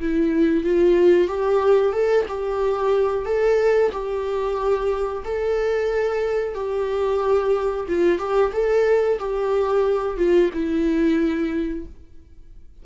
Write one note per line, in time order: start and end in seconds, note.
0.00 0.64 E4
0.64 1.28 F4
1.28 1.93 G4
1.93 2.26 A4
2.28 3.26 G4
3.26 3.92 A4
3.92 5.24 G4
5.25 6.55 A4
6.55 7.87 G4
7.89 8.19 F4
8.19 8.52 G4
8.53 9.19 A4
9.19 10.17 G4
10.17 10.50 F4
10.54 11.86 E4